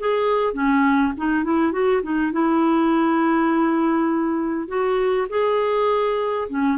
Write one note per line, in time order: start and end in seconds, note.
0.00 0.54 G#4
0.54 1.13 C#4
1.17 1.44 D#4
1.44 1.73 E4
1.73 2.02 F#4
2.03 2.33 D#4
2.33 4.68 E4
4.68 5.28 F#4
5.30 6.49 G#4
6.49 6.78 C#4